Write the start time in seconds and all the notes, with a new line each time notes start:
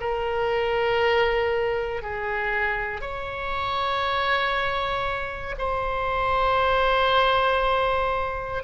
0.00 A#4
2.02 G#4
3.01 C#5
5.58 C5